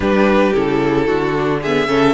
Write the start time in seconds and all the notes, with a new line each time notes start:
0.00 G3 D4 G4 B4
0.53 C#3 E4 A4
1.05 D3 F#4
1.36 D4
1.61 B3 G#4 E5
1.87 C#3 C#4 A4